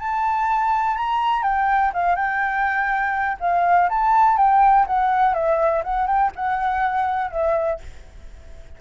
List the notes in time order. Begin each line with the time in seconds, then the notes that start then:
0.00 A5
0.97 A#5
1.43 G5
1.94 F5
2.16 G5
3.41 F5
3.90 A5
4.38 G5
4.87 F#5
5.34 E5
5.84 F#5
6.08 G5
6.36 F#5
7.31 E5